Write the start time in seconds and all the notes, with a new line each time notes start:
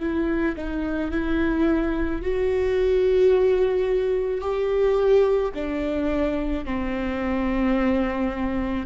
0.00 E4
0.57 D#4
1.11 E4
2.22 F#4
4.41 G4
5.55 D4
6.65 C4